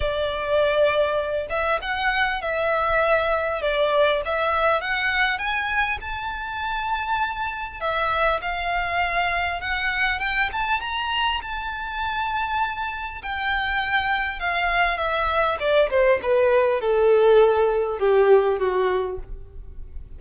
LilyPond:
\new Staff \with { instrumentName = "violin" } { \time 4/4 \tempo 4 = 100 d''2~ d''8 e''8 fis''4 | e''2 d''4 e''4 | fis''4 gis''4 a''2~ | a''4 e''4 f''2 |
fis''4 g''8 a''8 ais''4 a''4~ | a''2 g''2 | f''4 e''4 d''8 c''8 b'4 | a'2 g'4 fis'4 | }